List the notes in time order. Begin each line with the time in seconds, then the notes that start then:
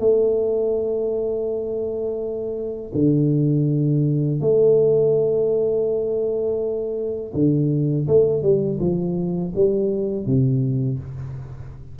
0.00 A3
2.94 D3
4.41 A3
7.34 D3
8.08 A3
8.43 G3
8.80 F3
9.55 G3
10.26 C3